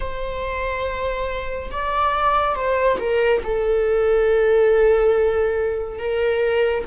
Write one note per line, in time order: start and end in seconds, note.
0.00 1.70 C5
1.71 2.55 D5
2.55 2.98 C5
2.99 3.42 A#4
3.43 5.98 A4
5.98 6.84 A#4